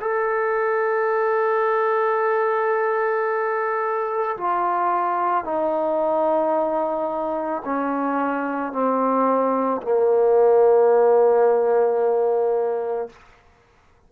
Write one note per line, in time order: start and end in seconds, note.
0.00 4.36 A4
4.37 5.44 F4
5.44 7.62 D#4
7.65 8.72 C#4
8.72 9.81 C4
9.82 13.09 A#3